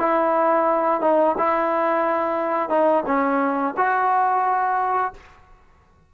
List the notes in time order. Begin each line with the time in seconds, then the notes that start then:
0.00 E4
1.02 D#4
1.38 E4
2.70 D#4
3.07 C#4
3.77 F#4